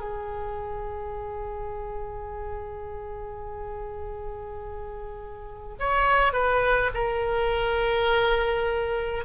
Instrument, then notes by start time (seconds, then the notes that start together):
oboe
0.00 G#4
5.79 C#5
6.33 B4
6.94 A#4